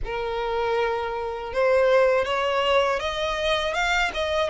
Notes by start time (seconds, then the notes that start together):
0.04 A#4
1.53 C5
2.25 C#5
2.99 D#5
3.73 F5
4.14 D#5